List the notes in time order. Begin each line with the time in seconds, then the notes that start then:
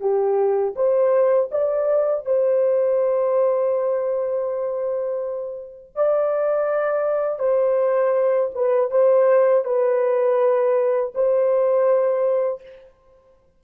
0.00 G4
0.75 C5
1.52 D5
2.25 C5
5.95 D5
7.39 C5
8.54 B4
8.91 C5
9.65 B4
11.14 C5